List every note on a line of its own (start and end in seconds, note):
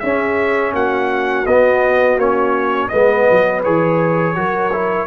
0.00 1.47 C#4
0.00 0.73 C#4
0.00 0.74 G#4
0.00 0.72 E5
0.73 1.46 A#3
0.73 2.91 F#4
0.73 1.46 F#5
1.46 2.17 B3
1.46 2.20 B3
1.46 2.19 D#5
2.17 2.89 A#3
2.17 2.92 C#4
2.17 2.89 C#5
2.89 3.29 G#3
2.89 3.64 B3
2.89 4.35 B4
2.89 3.61 D#5
3.31 3.66 F#3
3.64 4.37 E3
3.64 4.35 G#4
3.64 5.07 C#5
4.35 5.07 F#3
4.35 4.71 F#4
4.35 5.07 A#4
4.73 5.07 E4